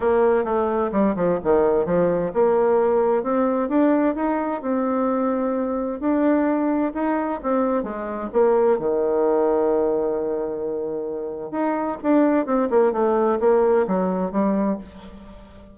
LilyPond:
\new Staff \with { instrumentName = "bassoon" } { \time 4/4 \tempo 4 = 130 ais4 a4 g8 f8 dis4 | f4 ais2 c'4 | d'4 dis'4 c'2~ | c'4 d'2 dis'4 |
c'4 gis4 ais4 dis4~ | dis1~ | dis4 dis'4 d'4 c'8 ais8 | a4 ais4 fis4 g4 | }